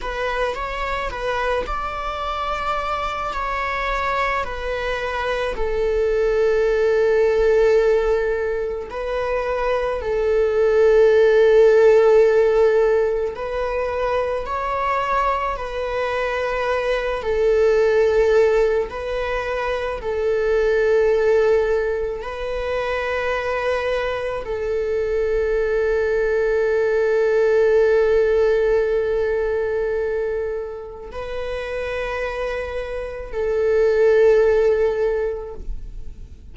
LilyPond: \new Staff \with { instrumentName = "viola" } { \time 4/4 \tempo 4 = 54 b'8 cis''8 b'8 d''4. cis''4 | b'4 a'2. | b'4 a'2. | b'4 cis''4 b'4. a'8~ |
a'4 b'4 a'2 | b'2 a'2~ | a'1 | b'2 a'2 | }